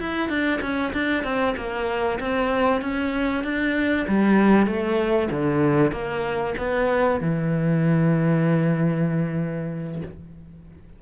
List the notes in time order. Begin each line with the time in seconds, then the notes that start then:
0.00 E4
0.29 D4
0.61 C#4
0.93 D4
1.24 C4
1.57 A#3
2.20 C4
2.82 C#4
3.44 D4
4.08 G3
4.66 A3
5.31 D3
5.92 A#3
6.58 B3
7.21 E3